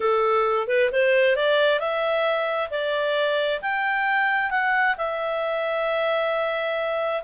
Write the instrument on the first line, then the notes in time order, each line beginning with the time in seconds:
clarinet
0.00 A4
0.67 B4
0.91 C5
1.36 D5
1.79 E5
2.70 D5
3.61 G5
4.50 F#5
4.97 E5